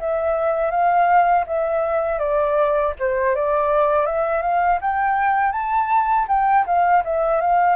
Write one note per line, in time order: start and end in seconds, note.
0.00 0.71 E5
0.71 1.45 F5
1.47 2.19 E5
2.19 2.93 D5
2.99 3.35 C5
3.35 4.06 D5
4.06 4.42 E5
4.42 4.79 F5
4.81 5.52 G5
5.52 6.27 A5
6.28 6.65 G5
6.66 7.03 F5
7.04 7.41 E5
7.41 7.76 F5